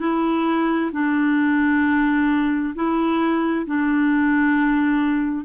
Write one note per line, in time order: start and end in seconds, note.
0.00 0.91 E4
0.92 2.74 D4
2.75 3.66 E4
3.67 5.45 D4